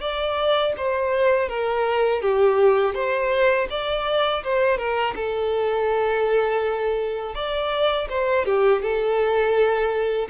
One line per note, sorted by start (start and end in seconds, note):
0.00 0.73 D5
0.77 1.49 C5
1.49 2.21 A#4
2.21 2.94 G4
2.94 3.67 C5
3.70 4.43 D5
4.43 4.77 C5
4.77 5.14 A#4
5.15 7.34 A4
7.34 8.08 D5
8.09 8.45 C5
8.45 8.82 G4
8.82 10.28 A4